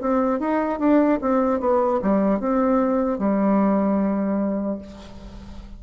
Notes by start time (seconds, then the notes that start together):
0.00 C4
0.39 D#4
0.79 D4
1.21 C4
1.60 B3
2.01 G3
2.39 C4
3.18 G3